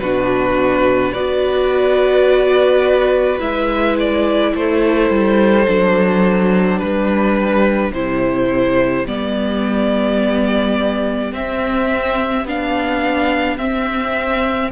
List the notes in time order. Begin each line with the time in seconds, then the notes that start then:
0.00 B2 D4 F#4 B4
1.11 B3 F#4 B4 D5
3.40 G#3 E4 E5
3.99 D5
4.54 A3 A4 C5
5.10 G3
5.67 F#3 D4
6.78 G3 G4 B4
7.92 C3 E4 C5
9.07 G3 B3 D5
11.32 C4 E5
12.45 B3 D4 F5
13.58 C4 E5